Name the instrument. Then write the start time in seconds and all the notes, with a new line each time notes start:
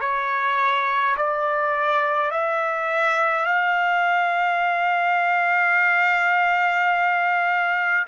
trumpet
0.00 C#5
1.16 D5
2.31 E5
3.45 F5